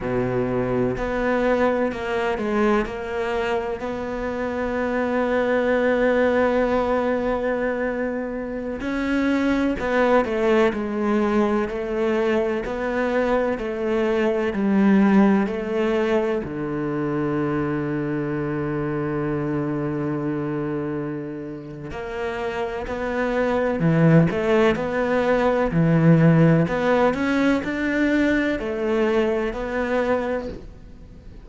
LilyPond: \new Staff \with { instrumentName = "cello" } { \time 4/4 \tempo 4 = 63 b,4 b4 ais8 gis8 ais4 | b1~ | b4~ b16 cis'4 b8 a8 gis8.~ | gis16 a4 b4 a4 g8.~ |
g16 a4 d2~ d8.~ | d2. ais4 | b4 e8 a8 b4 e4 | b8 cis'8 d'4 a4 b4 | }